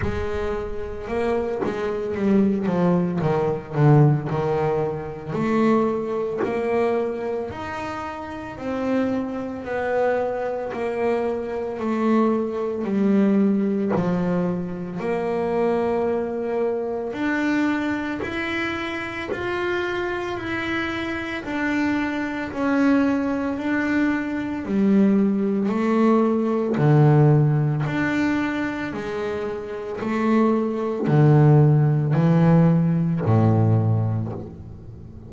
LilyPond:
\new Staff \with { instrumentName = "double bass" } { \time 4/4 \tempo 4 = 56 gis4 ais8 gis8 g8 f8 dis8 d8 | dis4 a4 ais4 dis'4 | c'4 b4 ais4 a4 | g4 f4 ais2 |
d'4 e'4 f'4 e'4 | d'4 cis'4 d'4 g4 | a4 d4 d'4 gis4 | a4 d4 e4 a,4 | }